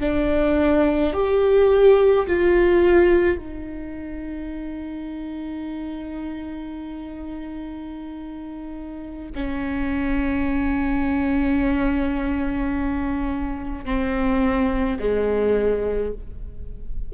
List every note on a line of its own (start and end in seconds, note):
0.00 1.13 D4
1.13 2.26 G4
2.27 3.38 F4
3.38 9.32 D#4
9.35 13.85 C#4
13.85 14.98 C4
14.99 16.13 G#3